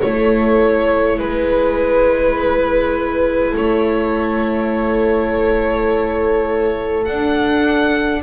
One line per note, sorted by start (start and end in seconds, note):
0.00 1.19 A3
0.00 7.06 E4
0.00 1.19 A4
0.00 1.18 C#5
1.18 3.54 G#3
1.18 3.54 B4
1.18 3.50 B4
3.50 7.07 A3
3.50 8.21 A4
3.50 7.04 C#5
7.04 8.23 D4
7.04 8.22 F#5